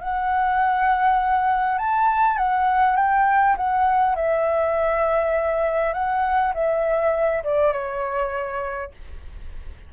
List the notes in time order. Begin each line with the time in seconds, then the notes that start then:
0.00 F#5
1.78 A5
2.37 F#5
2.96 G5
3.57 F#5
4.15 E5
5.93 F#5
6.54 E5
7.44 D5
7.73 C#5